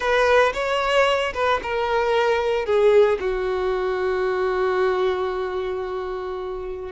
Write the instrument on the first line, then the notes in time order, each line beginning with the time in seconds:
violin
0.00 B4
0.53 C#5
1.33 B4
1.62 A#4
2.65 G#4
3.20 F#4